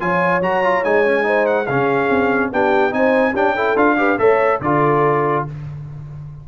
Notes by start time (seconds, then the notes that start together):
0.00 F3 F4 C#5 G#5
0.41 F#3 F#4 A#5
0.64 F4
0.84 G#3 D#4 G#5
1.05 C#4
1.23 D#4 C5
1.46 F#5
1.67 C#3 C#4 G#4 F5
2.10 C4
2.53 B3 D4 G4 G5
2.91 C4 D#4 C5 G#5
3.33 C#4 D4 G4 G5
3.56 E4 A4
3.76 D4 F4 F5
3.97 G4 B4
4.19 A3 A4 C#5 E5
4.61 D3 F4 A4 D5